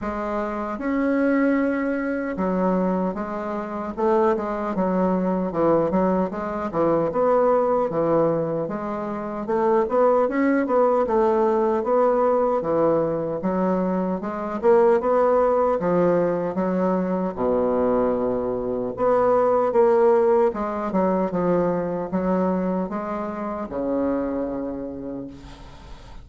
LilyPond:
\new Staff \with { instrumentName = "bassoon" } { \time 4/4 \tempo 4 = 76 gis4 cis'2 fis4 | gis4 a8 gis8 fis4 e8 fis8 | gis8 e8 b4 e4 gis4 | a8 b8 cis'8 b8 a4 b4 |
e4 fis4 gis8 ais8 b4 | f4 fis4 b,2 | b4 ais4 gis8 fis8 f4 | fis4 gis4 cis2 | }